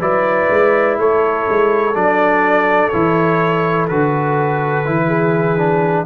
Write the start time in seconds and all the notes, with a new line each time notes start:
0.00 F#3 E4 B4 D5
0.50 G#3
0.98 A3 A4 C#5
1.49 G#3
1.95 F#3 D4 D5
2.89 E3 E4 C#5
3.88 D3 F#4 B4
4.85 E3 E4
5.07 G#4
5.58 D4